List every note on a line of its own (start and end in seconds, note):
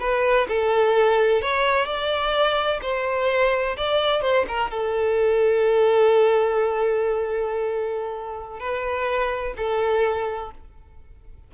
0.00 0.47 B4
0.49 1.42 A4
1.42 1.86 C#5
1.86 2.80 D5
2.82 3.77 C5
3.77 4.22 D5
4.22 4.45 C5
4.48 4.71 A#4
4.71 8.60 A4
8.60 9.54 B4
9.57 10.51 A4